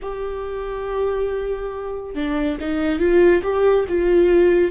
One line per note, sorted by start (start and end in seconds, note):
0.02 2.14 G4
2.14 2.57 D4
2.60 2.99 D#4
2.99 3.41 F4
3.42 3.85 G4
3.88 4.71 F4